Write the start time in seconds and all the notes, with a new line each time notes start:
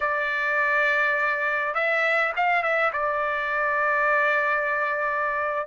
0.00 D5
1.74 E5
2.36 F5
2.62 E5
2.92 D5